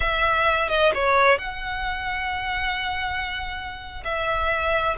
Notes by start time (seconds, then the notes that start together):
0.00 E5
0.68 D#5
0.94 C#5
1.38 F#5
4.04 E5